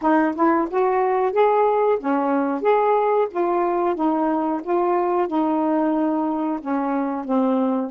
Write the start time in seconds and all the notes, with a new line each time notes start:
0.01 D#4
0.35 E4
0.70 F#4
1.32 G#4
1.99 C#4
2.61 G#4
3.30 F4
3.95 D#4
4.63 F4
5.27 D#4
6.61 C#4
7.24 C4